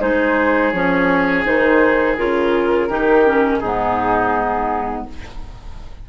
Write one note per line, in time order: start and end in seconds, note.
0.00 0.73 G#3
0.00 0.73 D#4
0.00 2.88 G#4
0.00 0.72 C5
0.72 1.45 F3
0.72 1.45 C#4
0.72 1.44 C#5
1.45 2.18 D#3
1.45 2.17 D#4
1.45 2.17 C5
2.17 2.89 C#3
2.17 2.90 F4
2.17 3.58 A#4
2.88 3.61 D#3
2.88 3.26 D#4
2.88 3.59 G4
3.26 3.62 C#4
3.58 5.07 G#2
3.58 5.03 D#4
3.58 5.03 G#4
3.64 5.09 B3